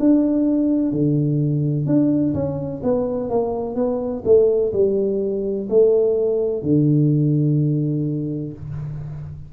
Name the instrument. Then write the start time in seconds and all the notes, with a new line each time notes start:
tuba
0.00 D4
0.93 D3
1.87 D4
2.35 C#4
2.84 B3
3.30 A#3
3.76 B3
4.26 A3
4.73 G3
5.70 A3
6.63 D3